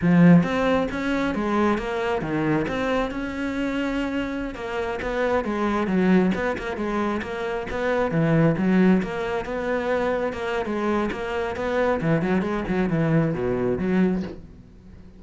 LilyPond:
\new Staff \with { instrumentName = "cello" } { \time 4/4 \tempo 4 = 135 f4 c'4 cis'4 gis4 | ais4 dis4 c'4 cis'4~ | cis'2~ cis'16 ais4 b8.~ | b16 gis4 fis4 b8 ais8 gis8.~ |
gis16 ais4 b4 e4 fis8.~ | fis16 ais4 b2 ais8. | gis4 ais4 b4 e8 fis8 | gis8 fis8 e4 b,4 fis4 | }